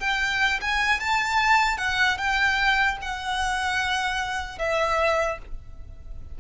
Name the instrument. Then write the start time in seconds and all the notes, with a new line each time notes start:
violin
0.00 G5
0.61 G#5
1.00 A5
1.78 F#5
2.18 G5
3.02 F#5
4.59 E5